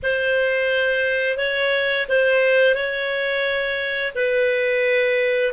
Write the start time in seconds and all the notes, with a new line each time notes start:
0.02 C5
1.37 C#5
2.08 C5
2.75 C#5
4.15 B4